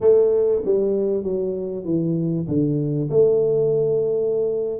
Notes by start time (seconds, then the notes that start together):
0.00 A3
0.64 G3
1.23 F#3
1.84 E3
2.47 D3
3.10 A3